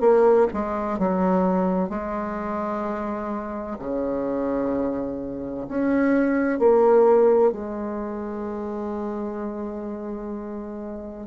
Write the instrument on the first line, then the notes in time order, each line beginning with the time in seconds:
bassoon
0.00 A#3
0.53 G#3
0.99 F#3
1.89 G#3
3.79 C#3
5.68 C#4
6.59 A#3
7.52 G#3